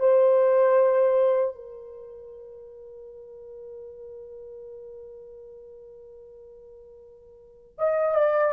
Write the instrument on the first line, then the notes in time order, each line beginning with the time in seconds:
horn
0.00 C5
1.55 A#4
7.79 D#5
8.15 D5